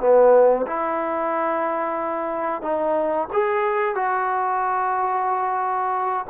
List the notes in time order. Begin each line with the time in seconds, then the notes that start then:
0.00 B3
0.67 E4
2.62 D#4
3.33 G#4
3.95 F#4